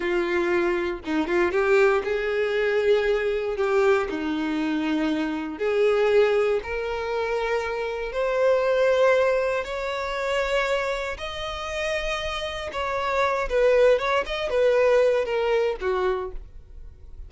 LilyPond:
\new Staff \with { instrumentName = "violin" } { \time 4/4 \tempo 4 = 118 f'2 dis'8 f'8 g'4 | gis'2. g'4 | dis'2. gis'4~ | gis'4 ais'2. |
c''2. cis''4~ | cis''2 dis''2~ | dis''4 cis''4. b'4 cis''8 | dis''8 b'4. ais'4 fis'4 | }